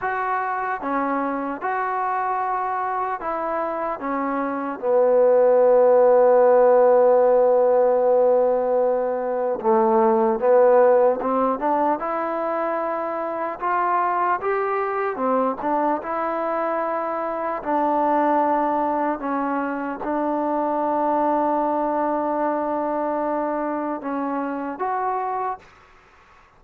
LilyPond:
\new Staff \with { instrumentName = "trombone" } { \time 4/4 \tempo 4 = 75 fis'4 cis'4 fis'2 | e'4 cis'4 b2~ | b1 | a4 b4 c'8 d'8 e'4~ |
e'4 f'4 g'4 c'8 d'8 | e'2 d'2 | cis'4 d'2.~ | d'2 cis'4 fis'4 | }